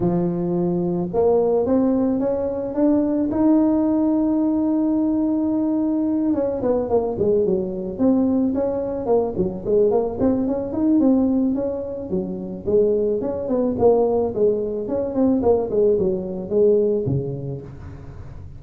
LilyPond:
\new Staff \with { instrumentName = "tuba" } { \time 4/4 \tempo 4 = 109 f2 ais4 c'4 | cis'4 d'4 dis'2~ | dis'2.~ dis'8 cis'8 | b8 ais8 gis8 fis4 c'4 cis'8~ |
cis'8 ais8 fis8 gis8 ais8 c'8 cis'8 dis'8 | c'4 cis'4 fis4 gis4 | cis'8 b8 ais4 gis4 cis'8 c'8 | ais8 gis8 fis4 gis4 cis4 | }